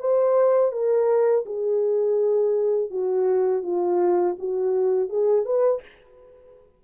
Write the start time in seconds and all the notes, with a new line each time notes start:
0.00 C5
0.72 A#4
1.46 G#4
2.90 F#4
3.63 F4
4.39 F#4
5.10 G#4
5.45 B4